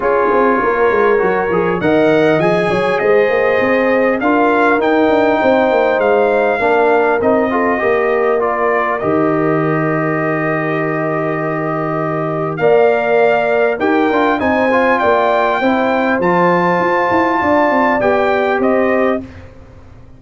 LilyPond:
<<
  \new Staff \with { instrumentName = "trumpet" } { \time 4/4 \tempo 4 = 100 cis''2. fis''4 | gis''4 dis''2 f''4 | g''2 f''2 | dis''2 d''4 dis''4~ |
dis''1~ | dis''4 f''2 g''4 | gis''4 g''2 a''4~ | a''2 g''4 dis''4 | }
  \new Staff \with { instrumentName = "horn" } { \time 4/4 gis'4 ais'2 dis''4~ | dis''8 cis''8 c''2 ais'4~ | ais'4 c''2 ais'4~ | ais'8 a'8 ais'2.~ |
ais'1~ | ais'4 d''2 ais'4 | c''4 d''4 c''2~ | c''4 d''2 c''4 | }
  \new Staff \with { instrumentName = "trombone" } { \time 4/4 f'2 fis'8 gis'8 ais'4 | gis'2. f'4 | dis'2. d'4 | dis'8 f'8 g'4 f'4 g'4~ |
g'1~ | g'4 ais'2 g'8 f'8 | dis'8 f'4. e'4 f'4~ | f'2 g'2 | }
  \new Staff \with { instrumentName = "tuba" } { \time 4/4 cis'8 c'8 ais8 gis8 fis8 f8 dis4 | f8 fis8 gis8 ais8 c'4 d'4 | dis'8 d'8 c'8 ais8 gis4 ais4 | c'4 ais2 dis4~ |
dis1~ | dis4 ais2 dis'8 d'8 | c'4 ais4 c'4 f4 | f'8 e'8 d'8 c'8 b4 c'4 | }
>>